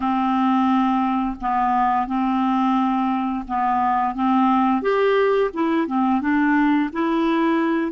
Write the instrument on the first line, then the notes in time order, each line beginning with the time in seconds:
clarinet
0.00 C4
1.41 B3
2.07 C4
3.47 B3
4.14 C4
4.82 G4
5.53 E4
5.87 C4
6.21 D4
6.92 E4